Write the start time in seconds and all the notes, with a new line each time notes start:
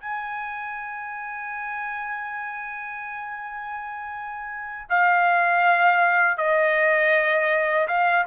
0.00 G#5
4.89 F5
6.37 D#5
7.88 F5